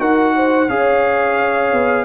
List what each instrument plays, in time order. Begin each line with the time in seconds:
0.00 tuba D#4, trombone F#4, horn A#4, trumpet F#5
0.36 horn C5
0.70 tuba C#4, trombone G#4, horn C#5, trumpet F5
1.73 tuba B3